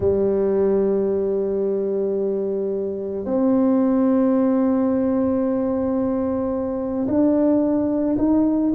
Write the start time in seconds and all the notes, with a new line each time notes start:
0.00 G3
3.25 C4
7.07 D4
8.18 D#4